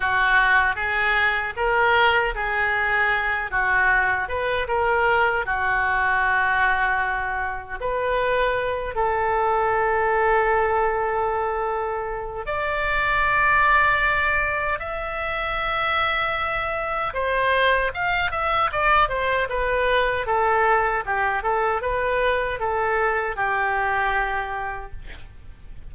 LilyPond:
\new Staff \with { instrumentName = "oboe" } { \time 4/4 \tempo 4 = 77 fis'4 gis'4 ais'4 gis'4~ | gis'8 fis'4 b'8 ais'4 fis'4~ | fis'2 b'4. a'8~ | a'1 |
d''2. e''4~ | e''2 c''4 f''8 e''8 | d''8 c''8 b'4 a'4 g'8 a'8 | b'4 a'4 g'2 | }